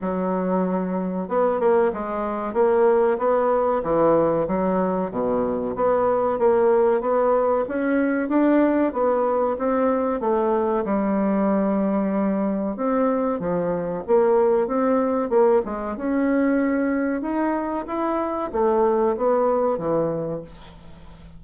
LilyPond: \new Staff \with { instrumentName = "bassoon" } { \time 4/4 \tempo 4 = 94 fis2 b8 ais8 gis4 | ais4 b4 e4 fis4 | b,4 b4 ais4 b4 | cis'4 d'4 b4 c'4 |
a4 g2. | c'4 f4 ais4 c'4 | ais8 gis8 cis'2 dis'4 | e'4 a4 b4 e4 | }